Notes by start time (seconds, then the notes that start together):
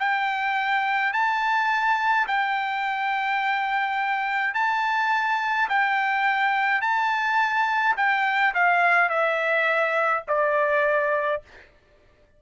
0.00 G5
1.14 A5
2.28 G5
4.55 A5
5.70 G5
6.82 A5
7.97 G5
8.55 F5
9.10 E5
10.28 D5